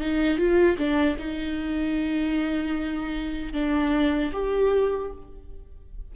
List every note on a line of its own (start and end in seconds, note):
0.00 0.38 D#4
0.38 0.78 F4
0.78 1.17 D4
1.19 3.53 D#4
3.53 4.32 D4
4.33 5.12 G4